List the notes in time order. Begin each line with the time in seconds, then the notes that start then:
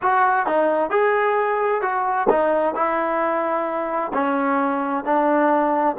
0.02 F#4
0.46 D#4
0.89 G#4
1.81 F#4
2.29 D#4
2.74 E4
4.13 C#4
5.04 D4